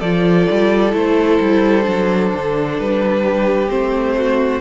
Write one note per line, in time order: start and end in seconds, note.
0.00 0.47 F3
0.00 0.92 F4
0.00 3.23 A4
0.00 0.93 D5
0.52 0.94 G3
0.92 1.40 A3
0.92 1.83 E4
0.92 2.80 C5
1.41 1.87 G3
1.83 2.33 F#3
1.83 3.68 D4
2.34 2.80 D3
2.80 3.70 G3
2.80 3.70 B4
3.24 4.17 G4
3.69 4.61 A3
3.69 4.61 C4
3.69 4.61 C5
4.17 4.61 F#4